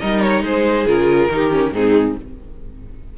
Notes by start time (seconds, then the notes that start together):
0.00 G3 D#4 A#4 D#5
0.21 C#5
0.42 G#3 G#4 C5
0.86 C#3 F4 A#4
1.28 D#3 D#4 G4
1.50 C#4
1.72 G#2 C4 D#4 G#4